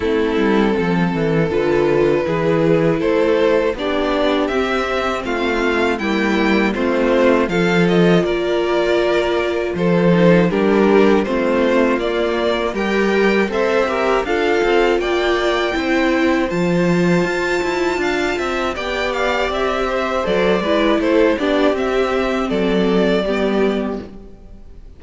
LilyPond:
<<
  \new Staff \with { instrumentName = "violin" } { \time 4/4 \tempo 4 = 80 a'2 b'2 | c''4 d''4 e''4 f''4 | g''4 c''4 f''8 dis''8 d''4~ | d''4 c''4 ais'4 c''4 |
d''4 g''4 e''4 f''4 | g''2 a''2~ | a''4 g''8 f''8 e''4 d''4 | c''8 d''8 e''4 d''2 | }
  \new Staff \with { instrumentName = "violin" } { \time 4/4 e'4 a'2 gis'4 | a'4 g'2 f'4 | e'4 f'4 a'4 ais'4~ | ais'4 a'4 g'4 f'4~ |
f'4 g'4 c''8 ais'8 a'4 | d''4 c''2. | f''8 e''8 d''4. c''4 b'8 | a'8 g'4. a'4 g'4 | }
  \new Staff \with { instrumentName = "viola" } { \time 4/4 c'2 f'4 e'4~ | e'4 d'4 c'2 | ais4 c'4 f'2~ | f'4. dis'8 d'4 c'4 |
ais4 ais'4 a'8 g'8 f'4~ | f'4 e'4 f'2~ | f'4 g'2 a'8 e'8~ | e'8 d'8 c'2 b4 | }
  \new Staff \with { instrumentName = "cello" } { \time 4/4 a8 g8 f8 e8 d4 e4 | a4 b4 c'4 a4 | g4 a4 f4 ais4~ | ais4 f4 g4 a4 |
ais4 g4 c'4 d'8 c'8 | ais4 c'4 f4 f'8 e'8 | d'8 c'8 b4 c'4 fis8 gis8 | a8 b8 c'4 fis4 g4 | }
>>